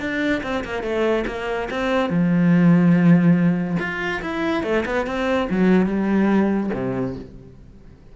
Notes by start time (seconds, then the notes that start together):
0.00 D4
0.43 C4
0.64 A#3
0.83 A3
1.27 A#3
1.70 C4
2.09 F3
3.79 F4
4.22 E4
4.63 A3
4.86 B3
5.06 C4
5.50 F#3
5.86 G3
6.74 C3